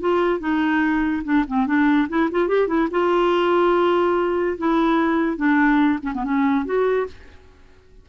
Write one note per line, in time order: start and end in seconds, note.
0.00 0.39 F4
0.39 1.23 D#4
1.24 1.45 D4
1.48 1.66 C4
1.66 2.08 D4
2.09 2.29 E4
2.31 2.48 F4
2.48 2.67 G4
2.67 2.88 E4
2.91 4.57 F4
4.58 5.37 E4
5.37 5.99 D4
6.02 6.12 C#4
6.14 6.24 B3
6.24 6.65 C#4
6.65 7.07 F#4